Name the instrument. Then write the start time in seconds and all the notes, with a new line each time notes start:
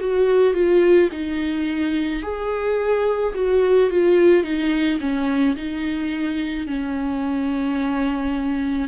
viola
0.00 F#4
0.54 F4
1.12 D#4
2.22 G#4
3.34 F#4
3.90 F4
4.43 D#4
5.00 C#4
5.56 D#4
6.67 C#4